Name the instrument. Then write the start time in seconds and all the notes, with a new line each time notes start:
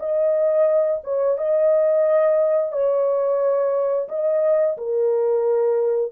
horn
0.00 D#5
1.04 C#5
1.38 D#5
2.72 C#5
4.09 D#5
4.78 A#4